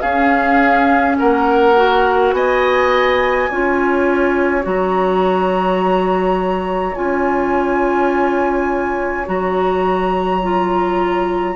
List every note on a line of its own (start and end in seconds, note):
0.00 1.17 C#4
0.00 1.75 C#4
0.00 1.17 G#4
0.00 1.15 F5
1.19 2.32 A#3
1.19 2.34 A#4
1.19 2.32 F#5
1.75 3.49 F#4
2.32 3.48 B3
2.32 3.50 D#5
2.32 4.63 G#5
3.50 4.66 C#4
3.50 4.61 F4
3.50 11.55 C#5
4.61 6.96 F#3
4.61 6.92 F#4
4.61 6.95 A#5
6.95 9.28 C#4
6.95 9.25 F4
6.95 9.26 G#5
9.25 11.55 F#3
9.25 10.41 F#4
9.25 11.55 A#5
10.42 11.55 F4